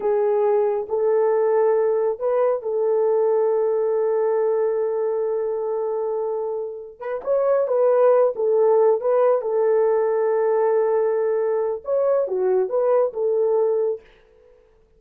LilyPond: \new Staff \with { instrumentName = "horn" } { \time 4/4 \tempo 4 = 137 gis'2 a'2~ | a'4 b'4 a'2~ | a'1~ | a'1 |
b'8 cis''4 b'4. a'4~ | a'8 b'4 a'2~ a'8~ | a'2. cis''4 | fis'4 b'4 a'2 | }